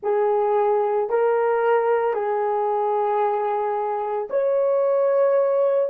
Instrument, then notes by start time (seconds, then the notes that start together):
horn
0.02 G#4
1.09 A#4
2.13 G#4
4.30 C#5